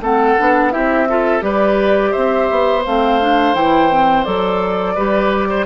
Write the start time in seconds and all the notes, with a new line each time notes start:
0.00 A3 C4 A4 F#5
0.38 B3 D4
0.71 C4 E4 G4 E5
1.09 F4 A4
1.40 G3 G4 B4 D5
2.11 C4 C5 E5
2.50 B3
2.84 A3 C4 F5
3.21 D4
3.54 E3 E4 G5
3.90 C4
4.24 F#3 A4 D5
4.95 G3 G4 B4
5.49 C5